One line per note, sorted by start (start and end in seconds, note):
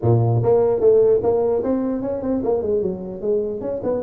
0.02 0.42 A#2
0.42 0.80 A#3
0.80 1.20 A3
1.22 1.63 A#3
1.63 2.02 C4
2.02 2.21 C#4
2.21 2.42 C4
2.43 2.61 A#3
2.61 2.82 G#3
2.82 3.21 F#3
3.21 3.60 G#3
3.60 3.81 C#4
3.83 4.03 B3